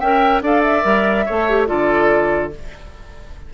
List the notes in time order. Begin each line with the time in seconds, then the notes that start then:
0.00 C#4 A#4 E5 G5
0.42 D4 A4 D5 F5
0.63 E5
0.83 G3 A#4
1.26 A3 A4 C#5
1.50 G4
1.67 D3 F4 A4 D5